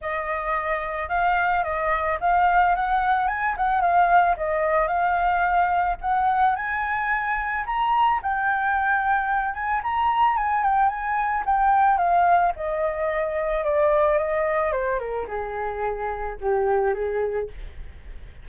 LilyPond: \new Staff \with { instrumentName = "flute" } { \time 4/4 \tempo 4 = 110 dis''2 f''4 dis''4 | f''4 fis''4 gis''8 fis''8 f''4 | dis''4 f''2 fis''4 | gis''2 ais''4 g''4~ |
g''4. gis''8 ais''4 gis''8 g''8 | gis''4 g''4 f''4 dis''4~ | dis''4 d''4 dis''4 c''8 ais'8 | gis'2 g'4 gis'4 | }